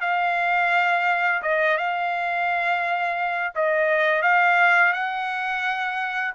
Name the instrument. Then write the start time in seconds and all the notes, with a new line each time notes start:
trumpet
0.00 F5
1.42 D#5
1.77 F5
3.55 D#5
4.22 F5
4.93 F#5